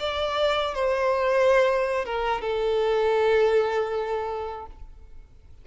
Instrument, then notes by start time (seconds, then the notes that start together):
violin
0.00 D5
0.75 C5
2.06 A#4
2.42 A4